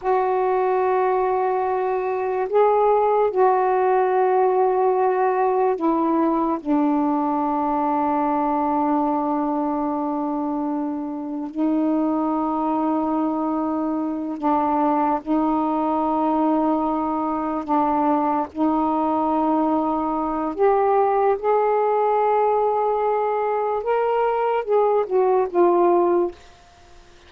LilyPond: \new Staff \with { instrumentName = "saxophone" } { \time 4/4 \tempo 4 = 73 fis'2. gis'4 | fis'2. e'4 | d'1~ | d'2 dis'2~ |
dis'4. d'4 dis'4.~ | dis'4. d'4 dis'4.~ | dis'4 g'4 gis'2~ | gis'4 ais'4 gis'8 fis'8 f'4 | }